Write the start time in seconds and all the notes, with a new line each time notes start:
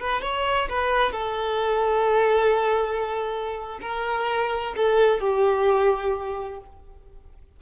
0.00 B4
0.22 C#5
0.69 B4
1.12 A4
3.81 A#4
4.76 A4
5.20 G4